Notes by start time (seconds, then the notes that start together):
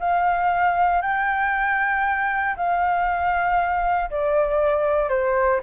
0.00 F5
1.02 G5
2.57 F5
4.11 D5
5.09 C5